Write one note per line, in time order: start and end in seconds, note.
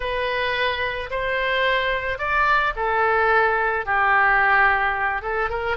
0.00 1.09 B4
1.10 2.18 C5
2.18 2.73 D5
2.75 3.85 A4
3.85 5.22 G4
5.22 5.49 A4
5.49 5.76 A#4